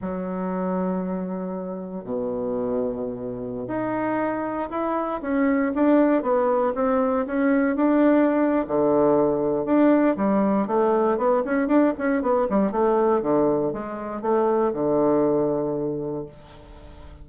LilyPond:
\new Staff \with { instrumentName = "bassoon" } { \time 4/4 \tempo 4 = 118 fis1 | b,2.~ b,16 dis'8.~ | dis'4~ dis'16 e'4 cis'4 d'8.~ | d'16 b4 c'4 cis'4 d'8.~ |
d'4 d2 d'4 | g4 a4 b8 cis'8 d'8 cis'8 | b8 g8 a4 d4 gis4 | a4 d2. | }